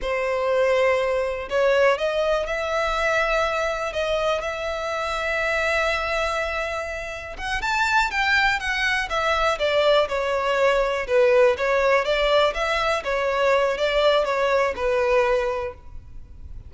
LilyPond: \new Staff \with { instrumentName = "violin" } { \time 4/4 \tempo 4 = 122 c''2. cis''4 | dis''4 e''2. | dis''4 e''2.~ | e''2. fis''8 a''8~ |
a''8 g''4 fis''4 e''4 d''8~ | d''8 cis''2 b'4 cis''8~ | cis''8 d''4 e''4 cis''4. | d''4 cis''4 b'2 | }